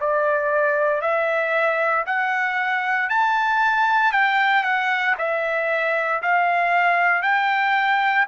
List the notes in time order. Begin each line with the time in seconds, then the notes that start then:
0.00 D5
1.02 E5
2.06 F#5
3.09 A5
4.12 G5
4.64 F#5
5.19 E5
6.22 F5
7.22 G5